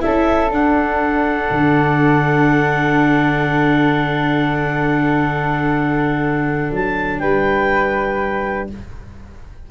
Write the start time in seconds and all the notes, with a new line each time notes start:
0.00 C#4 E4 A4 E5
0.51 D4 F#5
1.51 D3
6.73 F#3 A5
7.19 G3 B4 G5